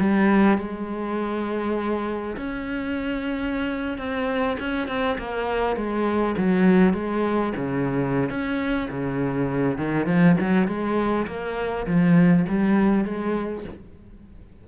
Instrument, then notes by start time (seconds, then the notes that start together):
cello
0.00 G3
0.58 G#3
2.37 C#4
3.98 C4
4.60 C#4
4.88 C4
5.18 A#3
5.76 G#3
6.38 F#3
6.94 G#3
7.57 C#3
8.30 C#4
8.90 C#3
9.78 D#3
10.07 F3
10.41 F#3
10.68 G#3
11.27 A#3
11.87 F3
12.49 G3
13.05 G#3